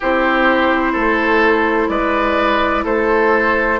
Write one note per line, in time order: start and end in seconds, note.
0.00 0.96 C4
0.00 3.79 E4
0.00 0.92 G4
0.00 1.88 C5
0.92 1.89 A3
0.92 1.87 A4
1.88 2.84 G#3
1.88 2.84 B4
1.88 2.84 D5
2.84 3.79 A3
2.84 3.79 A4
2.84 3.79 C5